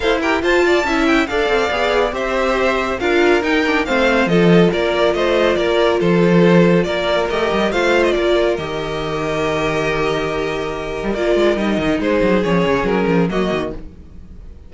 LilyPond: <<
  \new Staff \with { instrumentName = "violin" } { \time 4/4 \tempo 4 = 140 f''8 g''8 a''4. g''8 f''4~ | f''4 e''2 f''4 | g''4 f''4 dis''4 d''4 | dis''4 d''4 c''2 |
d''4 dis''4 f''8. dis''16 d''4 | dis''1~ | dis''2 d''4 dis''4 | c''4 cis''4 ais'4 dis''4 | }
  \new Staff \with { instrumentName = "violin" } { \time 4/4 c''8 ais'8 c''8 d''8 e''4 d''4~ | d''4 c''2 ais'4~ | ais'4 c''4 a'4 ais'4 | c''4 ais'4 a'2 |
ais'2 c''4 ais'4~ | ais'1~ | ais'1 | gis'2. fis'4 | }
  \new Staff \with { instrumentName = "viola" } { \time 4/4 a'8 g'8 f'4 e'4 a'4 | gis'4 g'2 f'4 | dis'8 d'8 c'4 f'2~ | f'1~ |
f'4 g'4 f'2 | g'1~ | g'2 f'4 dis'4~ | dis'4 cis'2 ais4 | }
  \new Staff \with { instrumentName = "cello" } { \time 4/4 e'4 f'4 cis'4 d'8 c'8 | b4 c'2 d'4 | dis'4 a4 f4 ais4 | a4 ais4 f2 |
ais4 a8 g8 a4 ais4 | dis1~ | dis4.~ dis16 g16 ais8 gis8 g8 dis8 | gis8 fis8 f8 cis8 fis8 f8 fis8 dis8 | }
>>